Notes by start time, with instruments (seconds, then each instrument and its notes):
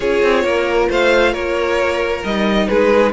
0.00 cello C#4, viola F4, violin G#4 C#5
0.22 cello C4
0.44 cello A#3, violin A#4
0.89 cello A3, violin C5 F5
1.32 cello A#3, violin A#4 C#5
2.23 cello G3, viola D#4, violin D#5
2.67 cello G#3, violin G#4 B4